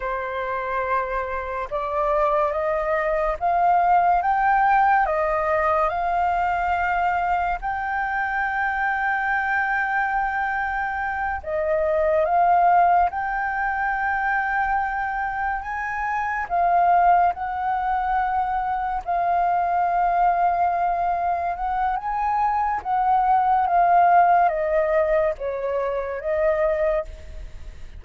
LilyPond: \new Staff \with { instrumentName = "flute" } { \time 4/4 \tempo 4 = 71 c''2 d''4 dis''4 | f''4 g''4 dis''4 f''4~ | f''4 g''2.~ | g''4. dis''4 f''4 g''8~ |
g''2~ g''8 gis''4 f''8~ | f''8 fis''2 f''4.~ | f''4. fis''8 gis''4 fis''4 | f''4 dis''4 cis''4 dis''4 | }